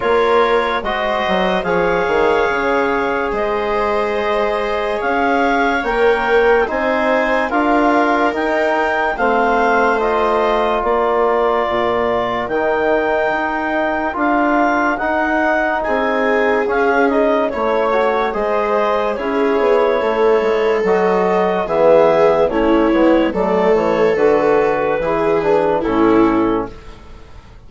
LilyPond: <<
  \new Staff \with { instrumentName = "clarinet" } { \time 4/4 \tempo 4 = 72 cis''4 dis''4 f''2 | dis''2 f''4 g''4 | gis''4 f''4 g''4 f''4 | dis''4 d''2 g''4~ |
g''4 f''4 fis''4 gis''4 | f''8 dis''8 cis''4 dis''4 cis''4~ | cis''4 dis''4 e''4 cis''4 | d''8 cis''8 b'2 a'4 | }
  \new Staff \with { instrumentName = "viola" } { \time 4/4 ais'4 c''4 cis''2 | c''2 cis''2 | c''4 ais'2 c''4~ | c''4 ais'2.~ |
ais'2. gis'4~ | gis'4 cis''4 c''4 gis'4 | a'2 gis'4 e'4 | a'2 gis'4 e'4 | }
  \new Staff \with { instrumentName = "trombone" } { \time 4/4 f'4 fis'4 gis'2~ | gis'2. ais'4 | dis'4 f'4 dis'4 c'4 | f'2. dis'4~ |
dis'4 f'4 dis'2 | cis'8 dis'8 e'8 fis'8 gis'4 e'4~ | e'4 fis'4 b4 cis'8 b8 | a4 fis'4 e'8 d'8 cis'4 | }
  \new Staff \with { instrumentName = "bassoon" } { \time 4/4 ais4 gis8 fis8 f8 dis8 cis4 | gis2 cis'4 ais4 | c'4 d'4 dis'4 a4~ | a4 ais4 ais,4 dis4 |
dis'4 d'4 dis'4 c'4 | cis'4 a4 gis4 cis'8 b8 | a8 gis8 fis4 e4 a8 gis8 | fis8 e8 d4 e4 a,4 | }
>>